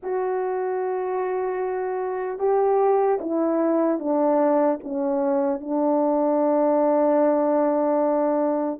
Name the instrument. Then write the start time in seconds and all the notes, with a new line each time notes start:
horn
0.03 F#4
2.38 G4
3.20 E4
3.99 D4
4.83 C#4
5.60 D4